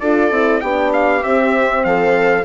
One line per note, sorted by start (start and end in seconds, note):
0.00 0.31 D4
0.00 0.32 F4
0.00 0.61 A4
0.00 0.60 D5
0.31 0.61 C4
0.31 0.62 E4
0.60 1.23 B3
0.60 1.22 D4
0.60 1.84 G4
0.60 0.91 G5
0.93 1.23 F5
1.22 2.44 C4
1.22 1.84 C4
1.22 1.84 E5
1.84 2.45 F3
1.84 2.45 A4
1.84 2.45 F5